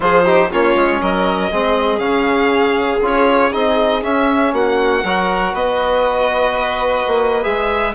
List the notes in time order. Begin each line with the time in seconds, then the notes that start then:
0.00 F3 F4 G#4 C5
0.25 D#4 G4
0.50 A#3 C#4 F4 C#5
0.75 G#3
1.01 F#3 A#4 D#5
1.51 G#3 C4 G#4
1.99 C#3 C#4 F5
3.01 C#4 F4 C#5
3.52 C4 D#4 D#5
4.02 C#4 E5
4.52 A#3 F#4 F#5
5.03 F#3 F#4 A#4
5.53 B3 B4 D#5
7.07 A#3
7.42 G#3 G#4 E5